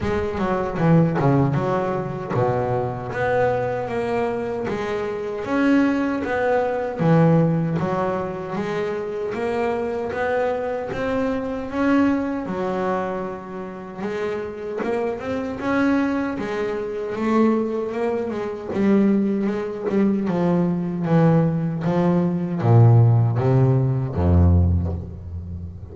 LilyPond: \new Staff \with { instrumentName = "double bass" } { \time 4/4 \tempo 4 = 77 gis8 fis8 e8 cis8 fis4 b,4 | b4 ais4 gis4 cis'4 | b4 e4 fis4 gis4 | ais4 b4 c'4 cis'4 |
fis2 gis4 ais8 c'8 | cis'4 gis4 a4 ais8 gis8 | g4 gis8 g8 f4 e4 | f4 ais,4 c4 f,4 | }